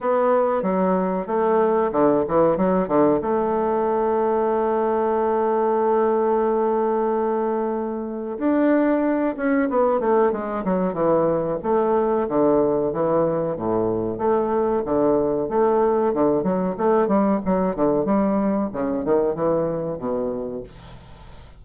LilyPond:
\new Staff \with { instrumentName = "bassoon" } { \time 4/4 \tempo 4 = 93 b4 fis4 a4 d8 e8 | fis8 d8 a2.~ | a1~ | a4 d'4. cis'8 b8 a8 |
gis8 fis8 e4 a4 d4 | e4 a,4 a4 d4 | a4 d8 fis8 a8 g8 fis8 d8 | g4 cis8 dis8 e4 b,4 | }